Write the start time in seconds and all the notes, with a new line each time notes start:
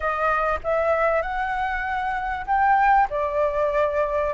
0.00 D#5
0.63 E5
1.22 F#5
2.46 G5
3.10 D5